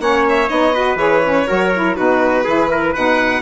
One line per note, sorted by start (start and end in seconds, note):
0.00 0.49 A#3
0.00 0.49 C#4
0.00 0.74 C#5
0.00 0.25 F#5
0.29 0.49 E5
0.49 0.95 B3
0.49 0.74 D#4
0.49 0.98 D#5
0.74 0.98 F#4
0.74 1.47 B4
0.95 1.44 E3
0.95 1.22 G#4
0.95 1.96 C#5
1.24 1.48 C#4
1.47 1.98 F#3
1.47 1.72 F#4
1.47 1.96 A#4
1.74 1.97 E4
1.96 2.46 B2
1.96 2.45 D#4
1.96 2.44 F#4
1.96 2.93 B4
2.44 2.95 E3
2.44 2.95 E4
2.44 2.69 G#4
2.71 2.92 A#4
2.92 3.42 B2
2.92 3.42 D#4
2.92 3.41 B4
2.92 3.42 F#5